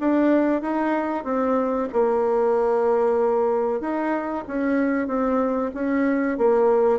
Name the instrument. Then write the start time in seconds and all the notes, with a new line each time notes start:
bassoon
0.00 D4
0.62 D#4
1.24 C4
1.93 A#3
3.81 D#4
4.47 C#4
5.07 C4
5.74 C#4
6.38 A#3